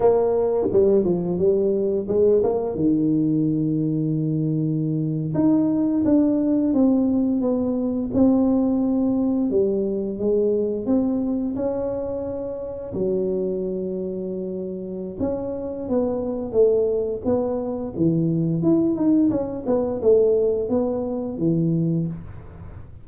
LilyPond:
\new Staff \with { instrumentName = "tuba" } { \time 4/4 \tempo 4 = 87 ais4 g8 f8 g4 gis8 ais8 | dis2.~ dis8. dis'16~ | dis'8. d'4 c'4 b4 c'16~ | c'4.~ c'16 g4 gis4 c'16~ |
c'8. cis'2 fis4~ fis16~ | fis2 cis'4 b4 | a4 b4 e4 e'8 dis'8 | cis'8 b8 a4 b4 e4 | }